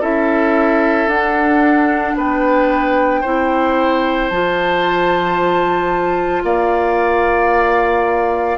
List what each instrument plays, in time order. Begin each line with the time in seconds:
0.00 bassoon C#4, clarinet E4, oboe A4, flute E5
1.06 bassoon D4, clarinet D4, flute F#5
2.15 bassoon B3, oboe B4, flute G5
3.21 bassoon C4, clarinet E4, oboe C5
4.29 bassoon F3, clarinet F4, flute A5
6.43 bassoon A#3, oboe D5, flute F5